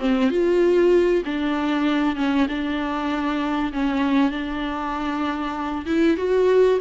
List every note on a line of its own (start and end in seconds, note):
0.00 0.31 C4
0.31 1.23 F4
1.25 2.16 D4
2.16 2.47 C#4
2.49 3.73 D4
3.73 4.31 C#4
4.31 5.86 D4
5.87 6.17 E4
6.17 6.79 F#4